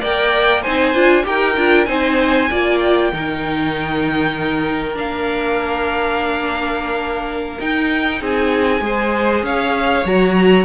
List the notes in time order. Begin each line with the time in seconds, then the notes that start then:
0.00 A#3 A#4 D5 G5
0.62 C4 D#4 C5 G#5
0.94 D4 F4
1.23 D#4 G4 A#4 G5
1.56 D4 F4
1.85 C4 D#4 C5 G#5
2.50 A#3 F4 D5
2.79 G5
3.12 D#3 D#4 A#4
4.95 A#3 D4 F5
7.60 D#4 G5
8.20 C4 G#4 G#5
8.80 G#3 G#4 C5
9.43 C#4 C#5 F5
10.05 F#3 F#4 A#5